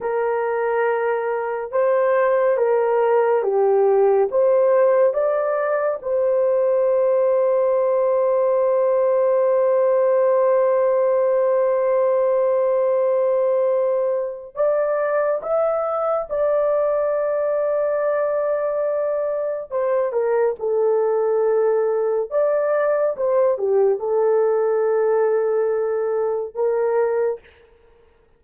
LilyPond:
\new Staff \with { instrumentName = "horn" } { \time 4/4 \tempo 4 = 70 ais'2 c''4 ais'4 | g'4 c''4 d''4 c''4~ | c''1~ | c''1~ |
c''4 d''4 e''4 d''4~ | d''2. c''8 ais'8 | a'2 d''4 c''8 g'8 | a'2. ais'4 | }